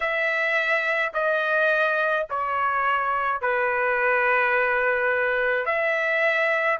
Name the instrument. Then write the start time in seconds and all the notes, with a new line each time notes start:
trumpet
0.00 E5
1.13 D#5
2.30 C#5
3.41 B4
5.66 E5